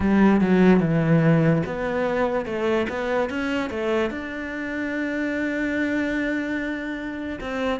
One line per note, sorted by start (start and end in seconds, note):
0.00 0.40 G3
0.40 0.80 F#3
0.80 1.62 E3
1.66 2.45 B3
2.45 2.87 A3
2.89 3.29 B3
3.29 3.70 C#4
3.70 4.10 A3
4.10 7.39 D4
7.40 7.80 C4